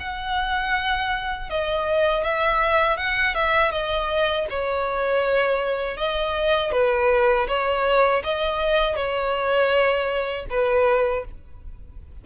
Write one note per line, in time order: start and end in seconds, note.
0.00 1.50 F#5
1.50 2.24 D#5
2.24 2.97 E5
2.97 3.35 F#5
3.35 3.72 E5
3.72 4.47 D#5
4.50 5.97 C#5
5.97 6.72 D#5
6.72 7.47 B4
7.48 8.23 C#5
8.24 8.96 D#5
8.96 10.46 C#5
10.50 11.25 B4